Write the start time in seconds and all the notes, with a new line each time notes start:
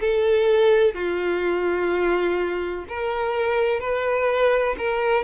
0.00 A4
0.94 F4
2.88 A#4
3.80 B4
4.78 A#4